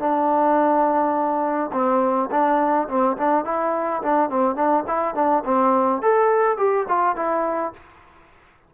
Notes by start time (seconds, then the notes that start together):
0.00 D4
1.73 C4
2.31 D4
2.89 C4
3.18 D4
3.45 E4
4.03 D4
4.30 C4
4.56 D4
4.88 E4
5.16 D4
5.45 C4
6.03 A4
6.58 G4
6.89 F4
7.17 E4